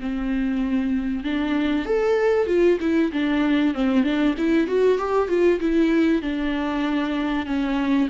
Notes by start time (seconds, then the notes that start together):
0.00 C4
1.24 D4
1.86 A4
2.47 F4
2.80 E4
3.12 D4
3.74 C4
4.04 D4
4.38 E4
4.67 F#4
4.98 G4
5.28 F4
5.60 E4
6.22 D4
7.46 C#4